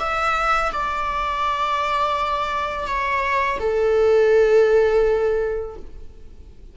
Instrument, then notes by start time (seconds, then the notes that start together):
viola
0.00 E5
0.73 D5
2.87 C#5
3.60 A4